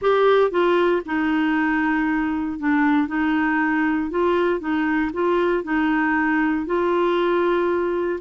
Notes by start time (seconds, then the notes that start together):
0.01 G4
0.50 F4
1.05 D#4
2.59 D4
3.07 D#4
4.10 F4
4.59 D#4
5.13 F4
5.63 D#4
6.65 F4